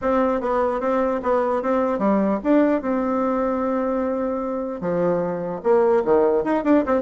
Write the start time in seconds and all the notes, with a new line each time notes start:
0.01 C4
0.40 B3
0.80 C4
1.22 B3
1.62 C4
1.98 G3
2.43 D4
2.81 C4
4.80 F3
5.63 A#3
6.04 D#3
6.43 D#4
6.64 D4
6.86 C4